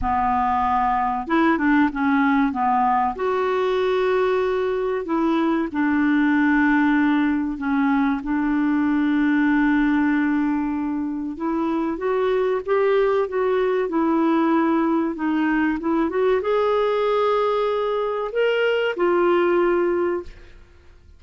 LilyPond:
\new Staff \with { instrumentName = "clarinet" } { \time 4/4 \tempo 4 = 95 b2 e'8 d'8 cis'4 | b4 fis'2. | e'4 d'2. | cis'4 d'2.~ |
d'2 e'4 fis'4 | g'4 fis'4 e'2 | dis'4 e'8 fis'8 gis'2~ | gis'4 ais'4 f'2 | }